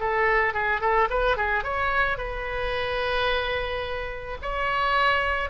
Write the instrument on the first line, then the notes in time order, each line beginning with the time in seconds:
oboe
0.00 A4
0.54 G#4
0.81 A4
1.10 B4
1.37 G#4
1.64 C#5
2.18 B4
4.42 C#5